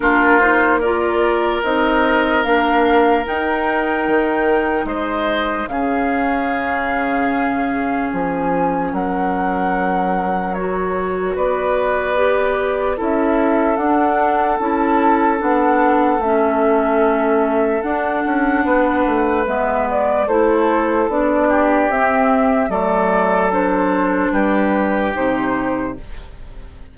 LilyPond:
<<
  \new Staff \with { instrumentName = "flute" } { \time 4/4 \tempo 4 = 74 ais'8 c''8 d''4 dis''4 f''4 | g''2 dis''4 f''4~ | f''2 gis''4 fis''4~ | fis''4 cis''4 d''2 |
e''4 fis''4 a''4 fis''4 | e''2 fis''2 | e''8 d''8 c''4 d''4 e''4 | d''4 c''4 b'4 c''4 | }
  \new Staff \with { instrumentName = "oboe" } { \time 4/4 f'4 ais'2.~ | ais'2 c''4 gis'4~ | gis'2. ais'4~ | ais'2 b'2 |
a'1~ | a'2. b'4~ | b'4 a'4. g'4. | a'2 g'2 | }
  \new Staff \with { instrumentName = "clarinet" } { \time 4/4 d'8 dis'8 f'4 dis'4 d'4 | dis'2. cis'4~ | cis'1~ | cis'4 fis'2 g'4 |
e'4 d'4 e'4 d'4 | cis'2 d'2 | b4 e'4 d'4 c'4 | a4 d'2 dis'4 | }
  \new Staff \with { instrumentName = "bassoon" } { \time 4/4 ais2 c'4 ais4 | dis'4 dis4 gis4 cis4~ | cis2 f4 fis4~ | fis2 b2 |
cis'4 d'4 cis'4 b4 | a2 d'8 cis'8 b8 a8 | gis4 a4 b4 c'4 | fis2 g4 c4 | }
>>